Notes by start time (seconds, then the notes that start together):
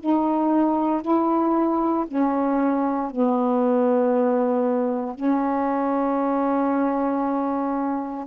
0.00 D#4
1.02 E4
2.08 C#4
3.11 B3
5.15 C#4